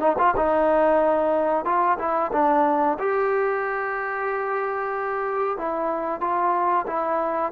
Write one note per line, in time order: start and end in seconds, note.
0.00 0.16 D#4
0.18 0.35 F4
0.37 1.65 D#4
1.65 1.98 F4
1.99 2.32 E4
2.33 2.98 D4
2.99 5.58 G4
5.58 6.21 E4
6.21 6.86 F4
6.87 7.52 E4